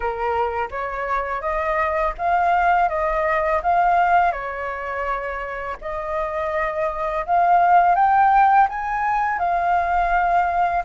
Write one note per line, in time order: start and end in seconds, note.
0.00 0.69 A#4
0.70 1.41 C#5
1.41 2.13 D#5
2.18 2.88 F5
2.88 3.61 D#5
3.62 4.31 F5
4.31 5.76 C#5
5.81 7.25 D#5
7.26 7.95 F5
7.95 8.67 G5
8.68 9.38 G#5
9.38 10.83 F5